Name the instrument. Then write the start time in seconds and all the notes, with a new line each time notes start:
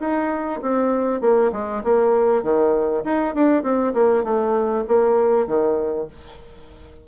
bassoon
0.00 D#4
0.62 C4
1.21 A#3
1.52 G#3
1.84 A#3
2.43 D#3
3.04 D#4
3.34 D4
3.63 C4
3.94 A#3
4.24 A3
4.88 A#3
5.47 D#3